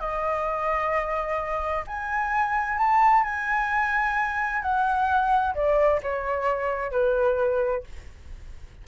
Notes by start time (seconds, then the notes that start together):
0.00 D#5
1.87 G#5
2.78 A5
3.24 G#5
4.62 F#5
5.54 D5
6.03 C#5
6.91 B4